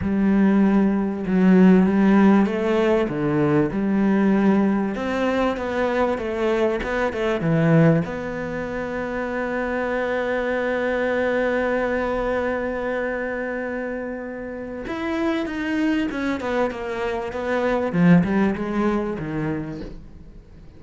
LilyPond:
\new Staff \with { instrumentName = "cello" } { \time 4/4 \tempo 4 = 97 g2 fis4 g4 | a4 d4 g2 | c'4 b4 a4 b8 a8 | e4 b2.~ |
b1~ | b1 | e'4 dis'4 cis'8 b8 ais4 | b4 f8 g8 gis4 dis4 | }